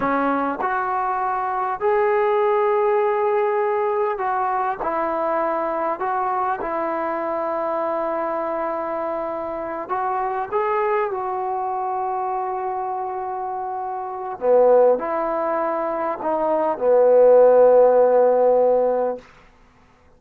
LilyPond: \new Staff \with { instrumentName = "trombone" } { \time 4/4 \tempo 4 = 100 cis'4 fis'2 gis'4~ | gis'2. fis'4 | e'2 fis'4 e'4~ | e'1~ |
e'8 fis'4 gis'4 fis'4.~ | fis'1 | b4 e'2 dis'4 | b1 | }